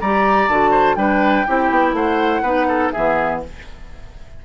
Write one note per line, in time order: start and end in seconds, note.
0.00 0.48 G3
0.00 0.50 G4
0.00 0.71 D5
0.00 0.48 A#5
0.48 0.96 D3
0.48 0.96 F#4
0.48 0.95 A5
0.71 0.95 C5
0.95 1.44 G3
0.95 1.45 D4
0.95 1.46 B4
0.95 1.92 G5
1.47 1.70 C4
1.47 2.44 E4
1.47 1.95 G4
1.70 1.92 B3
1.92 2.41 A3
1.92 2.42 C5
1.92 2.91 F#5
2.42 2.91 B3
2.42 2.93 D#4
2.42 2.66 B4
2.68 2.92 A4
2.91 3.45 E3
2.91 3.43 B3
2.91 3.41 G#4
2.91 3.40 E5